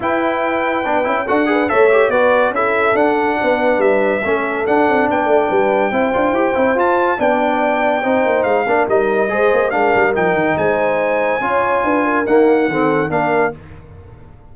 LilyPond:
<<
  \new Staff \with { instrumentName = "trumpet" } { \time 4/4 \tempo 4 = 142 g''2. fis''4 | e''4 d''4 e''4 fis''4~ | fis''4 e''2 fis''4 | g''1 |
a''4 g''2. | f''4 dis''2 f''4 | g''4 gis''2.~ | gis''4 fis''2 f''4 | }
  \new Staff \with { instrumentName = "horn" } { \time 4/4 b'2. a'8 b'8 | cis''4 b'4 a'2 | b'2 a'2 | d''4 b'4 c''2~ |
c''4 d''2 c''4~ | c''8 ais'4. c''4 ais'4~ | ais'4 c''2 cis''4 | b'8 ais'4. a'4 ais'4 | }
  \new Staff \with { instrumentName = "trombone" } { \time 4/4 e'2 d'8 e'8 fis'8 gis'8 | a'8 g'8 fis'4 e'4 d'4~ | d'2 cis'4 d'4~ | d'2 e'8 f'8 g'8 e'8 |
f'4 d'2 dis'4~ | dis'8 d'8 dis'4 gis'4 d'4 | dis'2. f'4~ | f'4 ais4 c'4 d'4 | }
  \new Staff \with { instrumentName = "tuba" } { \time 4/4 e'2 b8 cis'8 d'4 | a4 b4 cis'4 d'4 | b4 g4 a4 d'8 c'8 | b8 a8 g4 c'8 d'8 e'8 c'8 |
f'4 b2 c'8 ais8 | gis8 ais8 g4 gis8 ais8 gis8 g8 | f8 dis8 gis2 cis'4 | d'4 dis'4 dis4 ais4 | }
>>